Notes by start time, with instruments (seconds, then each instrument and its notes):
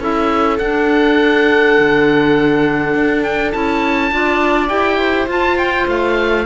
0.00 cello C#4, clarinet E4, viola A4, oboe E5
0.59 clarinet D4, cello D4, oboe F#5
1.80 cello D3
2.94 cello D4
3.24 oboe G5
3.52 cello C#4, clarinet E4, oboe A5
4.11 cello D4, clarinet F4, viola D5
4.69 cello E4, clarinet G4, oboe G5
4.98 viola C5
5.27 cello F4, clarinet F4, oboe A5
5.58 oboe G5
5.88 cello A3, oboe F5